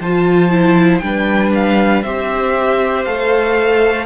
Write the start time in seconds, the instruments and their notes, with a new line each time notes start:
0.00 cello F3, viola F4, violin C5 A5
0.50 viola E4
0.99 cello G3, viola D4, violin G5
1.05 violin B4
1.55 violin F5
2.03 cello C4, viola G4, violin C5 E5
3.05 cello A3, viola A4, violin F5